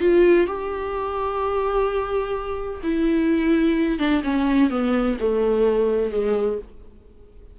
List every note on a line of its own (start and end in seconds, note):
0.00 0.47 F4
0.47 2.81 G4
2.83 3.99 E4
3.99 4.22 D4
4.24 4.70 C#4
4.70 5.17 B3
5.19 6.11 A3
6.11 6.58 G#3